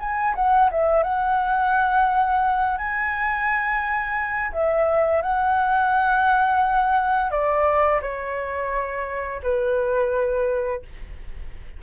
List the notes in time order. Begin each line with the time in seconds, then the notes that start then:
0.00 G#5
0.36 F#5
0.72 E5
1.04 F#5
2.78 G#5
4.53 E5
5.22 F#5
7.31 D5
8.02 C#5
9.43 B4